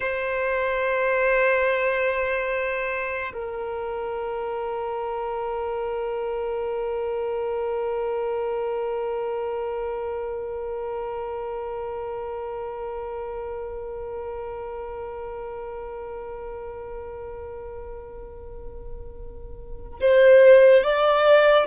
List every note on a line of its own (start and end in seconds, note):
0.00 3.32 C5
3.33 20.00 A#4
20.00 20.83 C5
20.83 21.66 D5